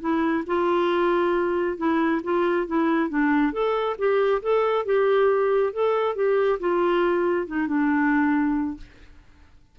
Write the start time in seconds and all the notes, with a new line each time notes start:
0.00 E4
0.47 F4
1.77 E4
2.23 F4
2.67 E4
3.09 D4
3.52 A4
3.98 G4
4.42 A4
4.85 G4
5.73 A4
6.15 G4
6.60 F4
7.47 D#4
7.67 D4